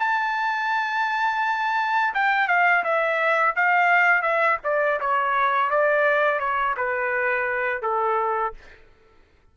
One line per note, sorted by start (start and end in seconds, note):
0.00 2.14 A5
2.15 2.48 G5
2.48 2.84 F5
2.84 3.56 E5
3.56 4.23 F5
4.23 4.58 E5
4.64 5.00 D5
5.00 5.71 C#5
5.71 6.40 D5
6.40 6.75 C#5
6.78 7.83 B4
7.83 8.54 A4